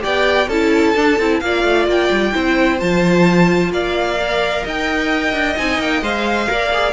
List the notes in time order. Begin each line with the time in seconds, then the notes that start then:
0.00 B3 G4 D5 G5
0.47 C#4 E4 A4 A5
0.95 D4
1.19 C4 E4
1.40 A#3 F4 D5 F5
1.63 A3
1.86 A#3 G5
2.10 G3
2.32 C4 E4 C5
2.78 F3 F4 A5
3.70 A#3 D5 F5
4.17 A#4
4.64 D#4 D#5 G5
5.33 D4
5.57 C4 D#4 G#5
5.78 A#3 G5
6.01 G#3 C5 F5
6.47 A#3 A#4 D5
6.73 G#4